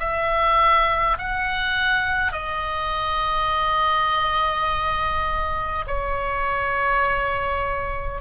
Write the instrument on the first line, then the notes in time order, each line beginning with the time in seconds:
oboe
0.00 E5
1.19 F#5
2.33 D#5
5.87 C#5